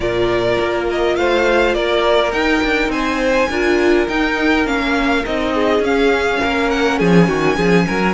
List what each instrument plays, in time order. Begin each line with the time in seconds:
0.00 cello A#2, viola F4, violin A#4 D5
0.59 cello A#3
0.90 violin D#5
1.16 cello A3, violin C5 F5
1.74 cello A#3, violin A#4 D5
2.32 cello D#4, viola D#4, violin G5
2.63 cello D4
2.88 cello C4, violin C5 G#5
3.49 cello D4, viola F4, violin A#4
4.08 cello D#4, viola D#4, violin G5
4.66 cello A#3, viola C#4, violin F5
5.25 cello C4, viola D#4, violin D#5
5.53 violin G#4
5.79 cello C#4, viola C#4, violin F5
6.41 cello A#3, violin A#4
6.70 violin F#5
6.98 cello F3, violin G#4 G#5
7.27 cello D#3, violin F#4
7.56 cello F3, violin G#4
7.86 cello F#3, violin A#4